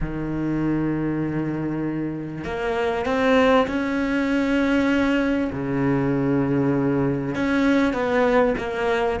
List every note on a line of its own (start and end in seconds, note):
0.00 2.44 D#3
2.44 3.05 A#3
3.05 3.67 C4
3.67 5.50 C#4
5.52 7.35 C#3
7.35 7.93 C#4
7.93 8.54 B3
8.58 9.19 A#3